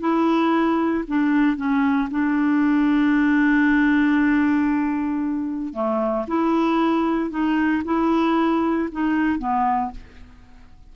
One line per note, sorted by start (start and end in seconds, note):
0.00 1.04 E4
1.08 1.57 D4
1.57 2.09 C#4
2.11 5.74 D4
5.74 6.26 A3
6.28 7.31 E4
7.31 7.83 D#4
7.85 8.89 E4
8.92 9.39 D#4
9.39 9.91 B3